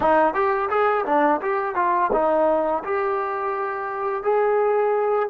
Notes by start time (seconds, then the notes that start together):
0.00 D#4
0.33 G4
0.69 G#4
1.05 D4
1.41 G4
1.75 F4
2.12 D#4
2.84 G4
4.23 G#4